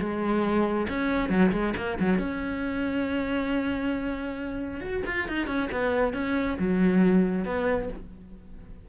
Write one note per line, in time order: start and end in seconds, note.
0.00 0.88 G#3
0.90 1.30 C#4
1.30 1.52 F#3
1.52 1.74 G#3
1.77 1.99 A#3
2.00 2.19 F#3
2.19 4.81 C#4
4.81 5.03 F#4
5.07 5.29 F4
5.29 5.47 D#4
5.47 5.69 C#4
5.72 6.14 B3
6.14 6.58 C#4
6.60 7.46 F#3
7.46 7.89 B3